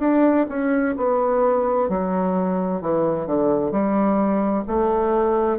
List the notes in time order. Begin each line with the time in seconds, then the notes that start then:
0.00 D4
0.49 C#4
0.97 B3
1.89 F#3
2.82 E3
3.27 D3
3.72 G3
4.67 A3